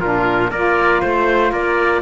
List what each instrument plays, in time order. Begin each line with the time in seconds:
0.00 cello A#2, saxophone D4, trumpet F4, oboe A#4
0.51 cello A#3, saxophone F4, trumpet A#4, oboe D5
1.01 cello A3, trumpet C5, oboe C5
1.52 cello A#3, trumpet A#4, oboe D5